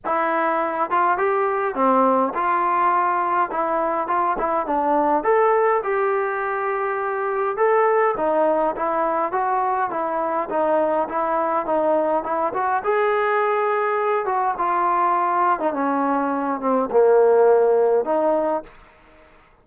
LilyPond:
\new Staff \with { instrumentName = "trombone" } { \time 4/4 \tempo 4 = 103 e'4. f'8 g'4 c'4 | f'2 e'4 f'8 e'8 | d'4 a'4 g'2~ | g'4 a'4 dis'4 e'4 |
fis'4 e'4 dis'4 e'4 | dis'4 e'8 fis'8 gis'2~ | gis'8 fis'8 f'4.~ f'16 dis'16 cis'4~ | cis'8 c'8 ais2 dis'4 | }